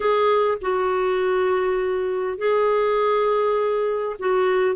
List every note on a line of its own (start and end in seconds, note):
0.00 0.58 G#4
0.61 2.38 F#4
2.38 4.16 G#4
4.19 4.75 F#4